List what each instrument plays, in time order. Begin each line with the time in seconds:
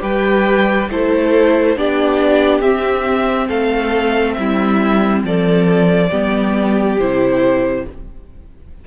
0.00 cello G3, viola G4, violin B4 G5
0.89 cello A3, viola E4, violin A4 C5
1.76 cello B3, viola D4, violin G4 D5
2.61 cello C4, viola C4, violin E5
3.48 cello A3, violin A4 F5
4.34 cello G3, violin E4 E5
5.24 cello F3, violin A4 D5
6.10 cello G3, viola B3, violin G4
6.99 cello C3, viola E4, violin C5